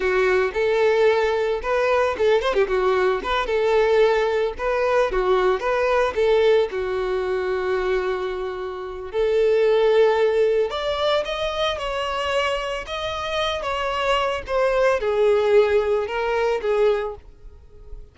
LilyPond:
\new Staff \with { instrumentName = "violin" } { \time 4/4 \tempo 4 = 112 fis'4 a'2 b'4 | a'8 c''16 g'16 fis'4 b'8 a'4.~ | a'8 b'4 fis'4 b'4 a'8~ | a'8 fis'2.~ fis'8~ |
fis'4 a'2. | d''4 dis''4 cis''2 | dis''4. cis''4. c''4 | gis'2 ais'4 gis'4 | }